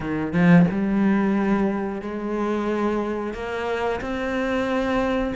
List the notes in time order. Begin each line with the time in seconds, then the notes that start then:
0.00 D#3
0.32 F3
0.71 G3
2.01 G#3
3.33 A#3
4.00 C4